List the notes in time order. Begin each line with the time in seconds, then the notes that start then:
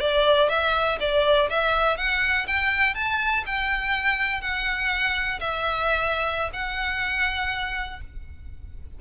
0.00 D5
0.49 E5
1.00 D5
1.50 E5
1.97 F#5
2.47 G5
2.95 A5
3.46 G5
4.41 F#5
5.40 E5
6.53 F#5